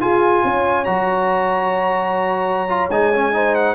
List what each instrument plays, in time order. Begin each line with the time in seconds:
0.00 tuba F4, trombone F4, horn G#4, trumpet G#5
0.45 tuba C#4, horn C#5
0.85 tuba F#3, trombone F#4, trumpet A#5
2.69 trombone F4
2.91 tuba G#3, trombone D#4, trumpet G#5
3.14 trombone C#4
3.33 trombone D#4, horn C5
3.55 trumpet F#5